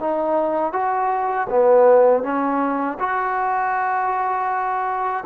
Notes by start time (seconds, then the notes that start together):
0.00 D#4
0.73 F#4
1.50 B3
2.23 C#4
3.00 F#4